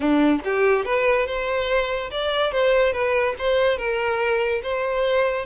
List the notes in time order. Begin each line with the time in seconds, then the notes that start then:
0.00 D4
0.44 G4
0.85 B4
1.26 C5
2.11 D5
2.52 C5
2.93 B4
3.38 C5
3.77 A#4
4.62 C5